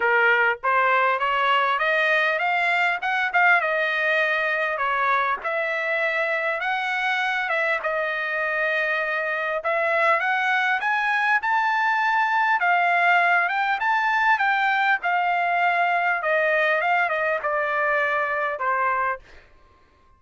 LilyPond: \new Staff \with { instrumentName = "trumpet" } { \time 4/4 \tempo 4 = 100 ais'4 c''4 cis''4 dis''4 | f''4 fis''8 f''8 dis''2 | cis''4 e''2 fis''4~ | fis''8 e''8 dis''2. |
e''4 fis''4 gis''4 a''4~ | a''4 f''4. g''8 a''4 | g''4 f''2 dis''4 | f''8 dis''8 d''2 c''4 | }